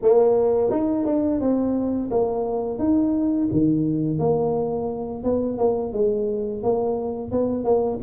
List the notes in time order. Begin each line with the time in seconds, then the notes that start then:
0.02 A#3
0.70 D#4
1.05 D4
1.40 C4
2.11 A#3
2.78 D#4
3.52 D#3
4.19 A#3
5.23 B3
5.58 A#3
5.92 G#3
6.62 A#3
7.31 B3
7.64 A#3